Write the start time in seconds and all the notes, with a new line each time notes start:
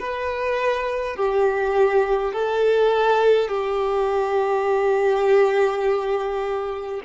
0.00 B4
1.17 G4
2.33 A4
3.49 G4